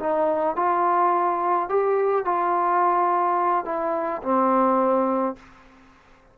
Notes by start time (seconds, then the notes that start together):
0.00 D#4
0.56 F4
1.69 G4
2.25 F4
3.65 E4
4.22 C4